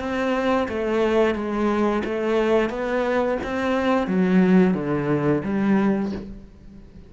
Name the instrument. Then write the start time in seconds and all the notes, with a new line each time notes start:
cello
0.00 C4
0.69 A3
1.35 G#3
2.05 A3
2.70 B3
3.44 C4
4.08 F#3
4.74 D3
5.45 G3